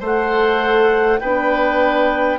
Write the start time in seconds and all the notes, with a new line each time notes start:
0.00 A3 A4 C5 F#5
1.19 B3 D4 B4 G5